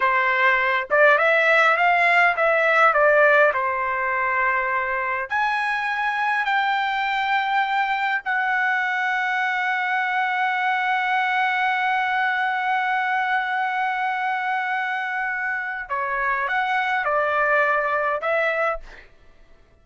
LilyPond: \new Staff \with { instrumentName = "trumpet" } { \time 4/4 \tempo 4 = 102 c''4. d''8 e''4 f''4 | e''4 d''4 c''2~ | c''4 gis''2 g''4~ | g''2 fis''2~ |
fis''1~ | fis''1~ | fis''2. cis''4 | fis''4 d''2 e''4 | }